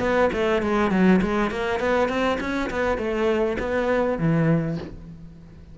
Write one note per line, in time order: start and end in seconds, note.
0.00 0.30 B3
0.33 0.62 A3
0.62 0.91 G#3
0.91 1.21 F#3
1.22 1.51 G#3
1.51 1.80 A#3
1.80 2.09 B3
2.09 2.38 C4
2.41 2.70 C#4
2.70 2.98 B3
2.98 3.58 A3
3.59 4.19 B3
4.19 4.78 E3